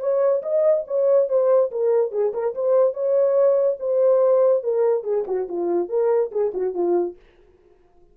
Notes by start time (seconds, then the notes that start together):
0.00 C#5
0.42 D#5
0.87 C#5
1.29 C5
1.71 A#4
2.12 G#4
2.34 A#4
2.55 C5
2.94 C#5
3.80 C5
4.63 A#4
5.04 G#4
5.27 F#4
5.48 F4
5.89 A#4
6.31 G#4
6.54 F#4
6.74 F4